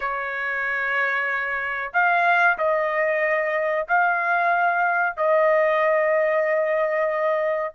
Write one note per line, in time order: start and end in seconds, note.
0.00 1.91 C#5
1.93 2.57 F5
2.58 3.87 D#5
3.88 5.16 F5
5.16 7.74 D#5